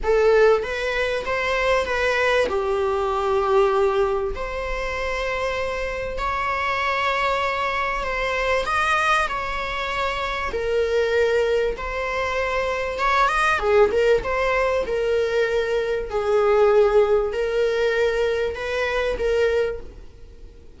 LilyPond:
\new Staff \with { instrumentName = "viola" } { \time 4/4 \tempo 4 = 97 a'4 b'4 c''4 b'4 | g'2. c''4~ | c''2 cis''2~ | cis''4 c''4 dis''4 cis''4~ |
cis''4 ais'2 c''4~ | c''4 cis''8 dis''8 gis'8 ais'8 c''4 | ais'2 gis'2 | ais'2 b'4 ais'4 | }